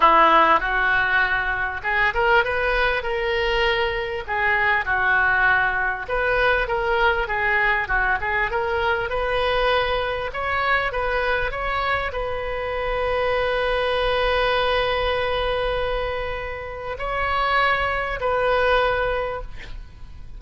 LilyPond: \new Staff \with { instrumentName = "oboe" } { \time 4/4 \tempo 4 = 99 e'4 fis'2 gis'8 ais'8 | b'4 ais'2 gis'4 | fis'2 b'4 ais'4 | gis'4 fis'8 gis'8 ais'4 b'4~ |
b'4 cis''4 b'4 cis''4 | b'1~ | b'1 | cis''2 b'2 | }